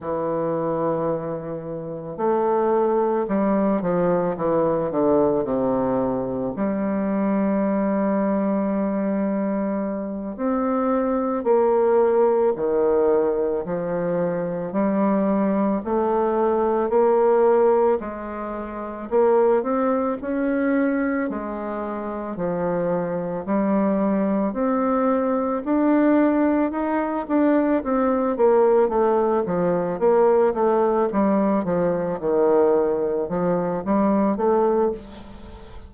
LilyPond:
\new Staff \with { instrumentName = "bassoon" } { \time 4/4 \tempo 4 = 55 e2 a4 g8 f8 | e8 d8 c4 g2~ | g4. c'4 ais4 dis8~ | dis8 f4 g4 a4 ais8~ |
ais8 gis4 ais8 c'8 cis'4 gis8~ | gis8 f4 g4 c'4 d'8~ | d'8 dis'8 d'8 c'8 ais8 a8 f8 ais8 | a8 g8 f8 dis4 f8 g8 a8 | }